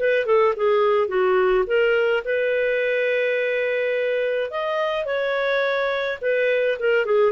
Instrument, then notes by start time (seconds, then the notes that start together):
clarinet
0.00 B4
0.26 A4
0.57 G#4
1.08 F#4
1.67 A#4
2.25 B4
4.51 D#5
5.06 C#5
6.22 B4
6.80 A#4
7.06 G#4